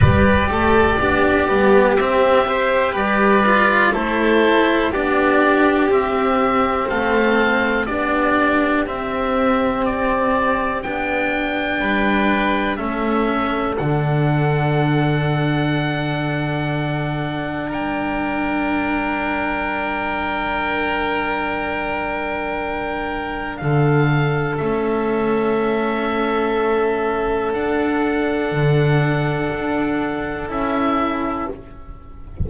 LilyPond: <<
  \new Staff \with { instrumentName = "oboe" } { \time 4/4 \tempo 4 = 61 d''2 e''4 d''4 | c''4 d''4 e''4 f''4 | d''4 e''4 d''4 g''4~ | g''4 e''4 fis''2~ |
fis''2 g''2~ | g''1 | f''4 e''2. | fis''2. e''4 | }
  \new Staff \with { instrumentName = "violin" } { \time 4/4 b'8 a'8 g'4. c''8 b'4 | a'4 g'2 a'4 | g'1 | b'4 a'2.~ |
a'2 ais'2~ | ais'1 | a'1~ | a'1 | }
  \new Staff \with { instrumentName = "cello" } { \time 4/4 g'4 d'8 b8 c'8 g'4 f'8 | e'4 d'4 c'2 | d'4 c'2 d'4~ | d'4 cis'4 d'2~ |
d'1~ | d'1~ | d'4 cis'2. | d'2. e'4 | }
  \new Staff \with { instrumentName = "double bass" } { \time 4/4 g8 a8 b8 g8 c'4 g4 | a4 b4 c'4 a4 | b4 c'2 b4 | g4 a4 d2~ |
d2 g2~ | g1 | d4 a2. | d'4 d4 d'4 cis'4 | }
>>